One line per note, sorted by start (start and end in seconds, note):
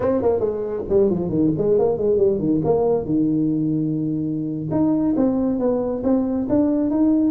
0.00 0.22 C4
0.22 0.40 A#3
0.40 0.84 G#3
0.89 1.10 G3
1.10 1.29 F3
1.29 1.51 D#3
1.57 1.79 G#3
1.79 1.97 A#3
1.97 2.17 G#3
2.17 2.39 G3
2.39 2.61 D#3
2.64 3.05 A#3
3.05 4.69 D#3
4.71 5.15 D#4
5.16 5.59 C4
5.59 6.02 B3
6.03 6.47 C4
6.49 6.90 D4
6.90 7.31 D#4